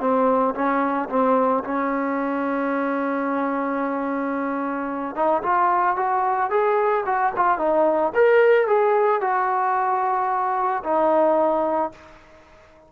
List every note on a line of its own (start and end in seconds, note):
0.00 0.54 C4
0.54 1.08 C#4
1.09 1.63 C4
1.64 5.15 C#4
5.15 5.42 D#4
5.43 5.96 F4
5.96 6.50 F#4
6.50 7.04 G#4
7.05 7.32 F#4
7.36 7.58 F4
7.58 8.12 D#4
8.14 8.67 A#4
8.67 9.21 G#4
9.21 10.83 F#4
10.84 11.92 D#4